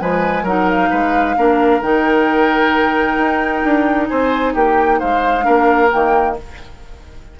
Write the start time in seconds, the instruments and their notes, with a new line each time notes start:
0.00 bassoon F3, clarinet G#3, oboe B4, flute G#5
0.43 bassoon F#3, clarinet D#4, oboe A#4, flute F#5
0.70 flute F5
0.90 bassoon G#3, oboe B4
1.36 bassoon A#3, clarinet D4, oboe A#4
1.81 bassoon D#3, clarinet D#4, flute G5
3.18 bassoon D#4
3.64 bassoon D4
4.08 bassoon C4, oboe C5, flute G#5
4.54 bassoon A#3, oboe G4, flute G5
4.99 bassoon G#3, oboe C5, flute F5
5.42 bassoon A#3, clarinet D4, oboe A#4
5.91 bassoon D#3, clarinet A#3, flute G5